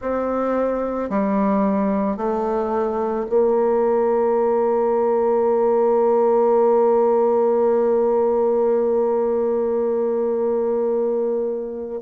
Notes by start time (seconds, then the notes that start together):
0.01 C4
1.09 G3
2.17 A3
3.29 A#3